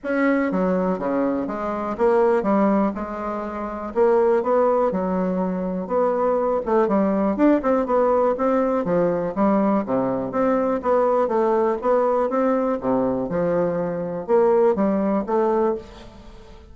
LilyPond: \new Staff \with { instrumentName = "bassoon" } { \time 4/4 \tempo 4 = 122 cis'4 fis4 cis4 gis4 | ais4 g4 gis2 | ais4 b4 fis2 | b4. a8 g4 d'8 c'8 |
b4 c'4 f4 g4 | c4 c'4 b4 a4 | b4 c'4 c4 f4~ | f4 ais4 g4 a4 | }